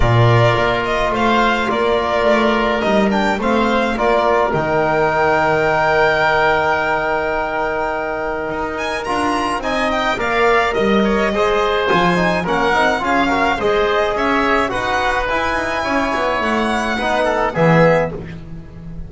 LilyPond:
<<
  \new Staff \with { instrumentName = "violin" } { \time 4/4 \tempo 4 = 106 d''4. dis''8 f''4 d''4~ | d''4 dis''8 g''8 f''4 d''4 | g''1~ | g''2.~ g''8 gis''8 |
ais''4 gis''8 g''8 f''4 dis''4~ | dis''4 gis''4 fis''4 f''4 | dis''4 e''4 fis''4 gis''4~ | gis''4 fis''2 e''4 | }
  \new Staff \with { instrumentName = "oboe" } { \time 4/4 ais'2 c''4 ais'4~ | ais'2 c''4 ais'4~ | ais'1~ | ais'1~ |
ais'4 dis''4 d''4 dis''8 cis''8 | c''2 ais'4 gis'8 ais'8 | c''4 cis''4 b'2 | cis''2 b'8 a'8 gis'4 | }
  \new Staff \with { instrumentName = "trombone" } { \time 4/4 f'1~ | f'4 dis'8 d'8 c'4 f'4 | dis'1~ | dis'1 |
f'4 dis'4 ais'2 | gis'4 f'8 dis'8 cis'8 dis'8 f'8 fis'8 | gis'2 fis'4 e'4~ | e'2 dis'4 b4 | }
  \new Staff \with { instrumentName = "double bass" } { \time 4/4 ais,4 ais4 a4 ais4 | a4 g4 a4 ais4 | dis1~ | dis2. dis'4 |
d'4 c'4 ais4 g4 | gis4 f4 ais8 c'8 cis'4 | gis4 cis'4 dis'4 e'8 dis'8 | cis'8 b8 a4 b4 e4 | }
>>